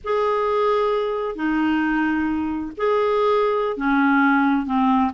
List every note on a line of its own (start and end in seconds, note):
0.04 1.35 G#4
1.35 2.72 D#4
2.77 3.76 G#4
3.76 4.65 C#4
4.65 5.11 C4